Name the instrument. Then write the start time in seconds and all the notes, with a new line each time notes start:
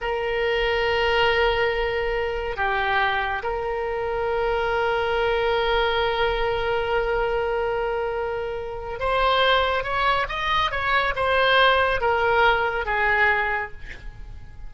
oboe
0.01 A#4
2.56 G4
3.42 A#4
8.99 C5
9.83 C#5
10.28 D#5
10.71 C#5
11.15 C5
12.00 A#4
12.85 G#4